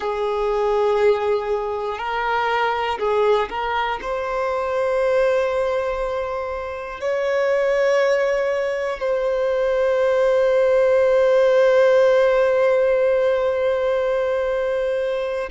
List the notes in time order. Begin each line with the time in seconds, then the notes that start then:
0.00 G#4
1.98 A#4
2.98 G#4
3.50 A#4
4.01 C5
7.00 C#5
9.00 C5